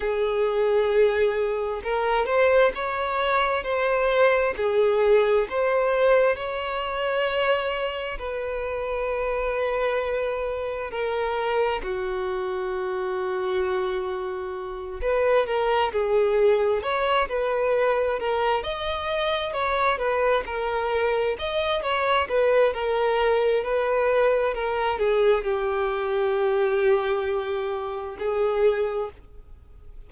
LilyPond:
\new Staff \with { instrumentName = "violin" } { \time 4/4 \tempo 4 = 66 gis'2 ais'8 c''8 cis''4 | c''4 gis'4 c''4 cis''4~ | cis''4 b'2. | ais'4 fis'2.~ |
fis'8 b'8 ais'8 gis'4 cis''8 b'4 | ais'8 dis''4 cis''8 b'8 ais'4 dis''8 | cis''8 b'8 ais'4 b'4 ais'8 gis'8 | g'2. gis'4 | }